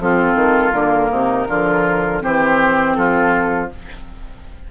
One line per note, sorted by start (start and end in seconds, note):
0.00 0.35 F3
0.00 0.73 C4
0.00 1.11 F4
0.00 0.73 A4
0.35 0.72 D#3
0.73 1.10 D3
0.73 1.47 A#3
0.73 2.21 A#4
1.11 1.48 C3
1.11 1.48 D#4
1.48 2.23 D3
1.48 2.22 F3
1.48 2.23 F4
2.22 2.97 E3
2.22 3.70 C4
2.22 2.97 G4
2.22 2.95 C5
2.95 3.71 F3
2.95 3.71 F4
2.95 3.69 A4